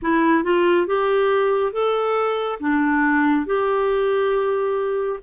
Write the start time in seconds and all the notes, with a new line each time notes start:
0.02 E4
0.43 F4
0.86 G4
1.72 A4
2.59 D4
3.45 G4